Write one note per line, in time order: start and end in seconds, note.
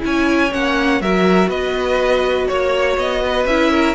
0.00 0.54 C#4
0.00 0.49 E4
0.00 1.02 C#5
0.00 0.53 G#5
0.52 1.01 A#3
0.52 1.01 C#4
0.52 1.01 F#5
1.01 1.48 F#3
1.01 3.49 F#4
1.01 1.49 A#4
1.01 1.49 E5
1.48 2.46 B3
1.48 2.47 B4
1.48 2.48 D#5
2.48 2.97 A#3
2.48 2.97 C#5
2.48 3.22 C#5
2.97 3.45 B3
2.97 3.46 D#5
3.25 3.71 B4
3.45 3.95 C#4
3.45 3.95 E4
3.45 3.95 E5
3.71 3.95 A#4